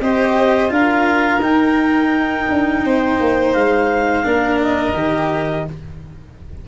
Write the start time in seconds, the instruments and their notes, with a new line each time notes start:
0.00 tuba C4, cello G4, violin C5, clarinet D#5
0.68 tuba D4, cello F4, violin A#4, clarinet F5
1.40 tuba D#4, cello D#4, clarinet G5
2.49 tuba D4
2.84 tuba C4, violin C5
3.20 tuba A#3
3.53 tuba G#3, clarinet F5
4.23 tuba A#3, cello D4, violin A#4
4.62 clarinet D#5
4.93 tuba D#3, cello G4